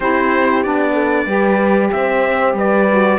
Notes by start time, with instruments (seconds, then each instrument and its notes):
0.00 cello C4, saxophone E4, horn G4, trumpet C5
0.63 cello B3, saxophone D4, trumpet D5
0.93 horn A4
1.25 cello G3, saxophone G4, horn B4
1.91 cello C4, horn C5, trumpet E5
2.53 cello G3, horn B4, trumpet D5
2.89 saxophone F#4